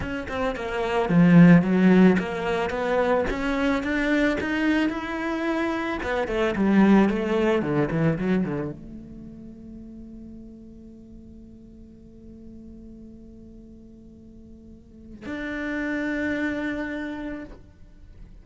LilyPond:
\new Staff \with { instrumentName = "cello" } { \time 4/4 \tempo 4 = 110 cis'8 c'8 ais4 f4 fis4 | ais4 b4 cis'4 d'4 | dis'4 e'2 b8 a8 | g4 a4 d8 e8 fis8 d8 |
a1~ | a1~ | a1 | d'1 | }